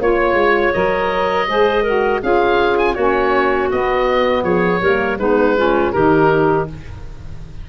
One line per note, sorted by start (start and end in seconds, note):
0.00 0.34 A#3
0.00 0.74 F4
0.00 0.74 C#5
0.00 1.50 C#5
0.34 0.71 G#3
0.74 1.48 F#3
0.74 1.46 A#4
0.74 2.22 D#5
1.46 2.23 G#3
1.46 1.83 G#4
1.46 1.83 C5
1.83 2.22 F#4
1.83 2.20 A#4
2.22 2.97 C#4
2.22 2.96 F4
2.22 2.94 G#4
2.22 2.78 F5
2.78 2.95 G#5
2.94 3.71 A#3
2.94 3.70 C#4
2.94 4.43 F#4
2.94 3.69 C#5
3.70 4.81 B3
3.70 4.44 B3
3.70 4.44 D#5
4.44 4.81 F3
4.44 4.81 G#4
4.44 5.18 C#5
4.81 5.18 G3
4.81 5.19 A#3
4.81 5.18 A#4
5.18 5.92 G#3
5.18 5.57 B3
5.18 5.56 D#4
5.18 5.93 B4
5.57 5.94 C#4
5.57 5.93 F4
5.93 6.69 D#3
5.93 6.69 D#4
5.93 6.67 G4
5.93 6.67 A#4